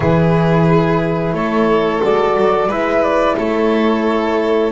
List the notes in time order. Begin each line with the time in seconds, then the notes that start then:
0.00 E3 E4 G#4 B4
1.33 A3 A4 C#5
2.02 G#3 F#4 D5
2.36 F#3
2.67 G#3 E4 B4 E5
3.02 D5
3.37 A3 A4 C#5